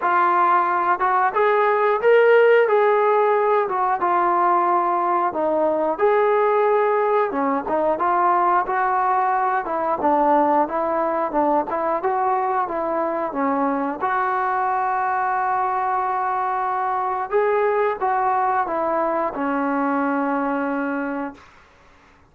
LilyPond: \new Staff \with { instrumentName = "trombone" } { \time 4/4 \tempo 4 = 90 f'4. fis'8 gis'4 ais'4 | gis'4. fis'8 f'2 | dis'4 gis'2 cis'8 dis'8 | f'4 fis'4. e'8 d'4 |
e'4 d'8 e'8 fis'4 e'4 | cis'4 fis'2.~ | fis'2 gis'4 fis'4 | e'4 cis'2. | }